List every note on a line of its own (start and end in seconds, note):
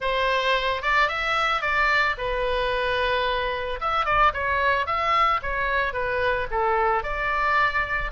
0.00 0.81 C5
0.81 1.08 D5
1.08 1.61 E5
1.61 2.15 D5
2.17 3.80 B4
3.80 4.05 E5
4.05 4.32 D5
4.33 4.86 C#5
4.86 5.40 E5
5.42 5.93 C#5
5.93 6.47 B4
6.50 7.03 A4
7.03 8.11 D5